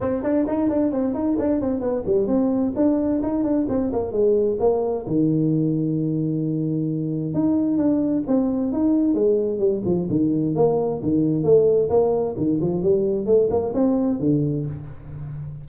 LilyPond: \new Staff \with { instrumentName = "tuba" } { \time 4/4 \tempo 4 = 131 c'8 d'8 dis'8 d'8 c'8 dis'8 d'8 c'8 | b8 g8 c'4 d'4 dis'8 d'8 | c'8 ais8 gis4 ais4 dis4~ | dis1 |
dis'4 d'4 c'4 dis'4 | gis4 g8 f8 dis4 ais4 | dis4 a4 ais4 dis8 f8 | g4 a8 ais8 c'4 d4 | }